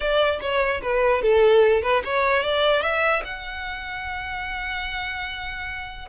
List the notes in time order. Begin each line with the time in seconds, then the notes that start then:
0.00 D5
0.40 C#5
0.82 B4
1.22 A4
1.82 B4
2.04 C#5
2.43 D5
2.82 E5
3.24 F#5